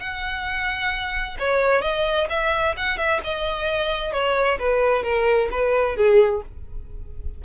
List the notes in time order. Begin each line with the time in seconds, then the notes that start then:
0.00 F#5
1.39 C#5
1.82 D#5
2.30 E5
2.77 F#5
2.98 E5
3.24 D#5
4.13 C#5
4.59 B4
5.03 A#4
5.51 B4
5.96 G#4